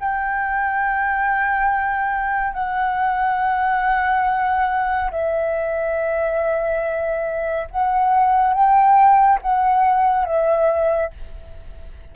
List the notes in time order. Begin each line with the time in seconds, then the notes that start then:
0.00 G5
2.54 F#5
5.11 E5
7.71 F#5
8.53 G5
9.42 F#5
10.25 E5